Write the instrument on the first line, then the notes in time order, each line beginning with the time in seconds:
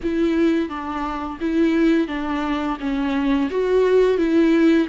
viola
0.03 E4
0.68 D4
1.40 E4
2.07 D4
2.79 C#4
3.50 F#4
4.17 E4